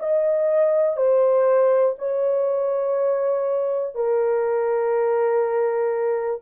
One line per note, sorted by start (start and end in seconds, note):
0.00 0.97 D#5
0.97 1.95 C5
1.99 3.95 C#5
3.95 6.41 A#4